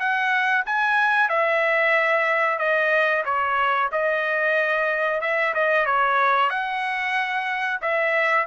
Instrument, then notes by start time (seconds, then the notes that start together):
trumpet
0.00 F#5
0.66 G#5
1.29 E5
2.59 D#5
3.25 C#5
3.92 D#5
5.21 E5
5.55 D#5
5.86 C#5
6.50 F#5
7.82 E5